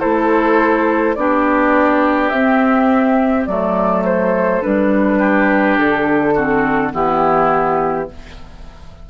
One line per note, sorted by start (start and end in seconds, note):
0.00 1.17 A3
0.00 1.15 E4
0.00 1.15 A4
0.00 1.16 C5
1.16 2.31 B3
1.16 2.33 D4
1.16 3.49 G4
1.16 2.30 D5
2.30 3.47 C4
2.30 3.49 C4
2.30 3.45 E5
3.46 4.62 F#3
3.46 4.62 A3
3.46 5.19 A4
3.46 4.04 D5
4.05 4.63 C5
4.62 5.78 G3
4.62 6.35 D4
4.62 5.78 B4
5.19 6.34 G4
5.78 6.94 D3
5.78 6.94 A4
6.35 6.91 C4
6.35 6.93 F#4
6.91 8.09 E3
6.91 8.06 B3
6.91 8.10 E4
6.91 8.10 G4